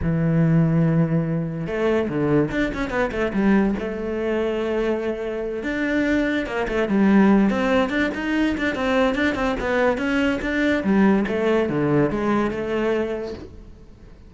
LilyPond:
\new Staff \with { instrumentName = "cello" } { \time 4/4 \tempo 4 = 144 e1 | a4 d4 d'8 cis'8 b8 a8 | g4 a2.~ | a4. d'2 ais8 |
a8 g4. c'4 d'8 dis'8~ | dis'8 d'8 c'4 d'8 c'8 b4 | cis'4 d'4 g4 a4 | d4 gis4 a2 | }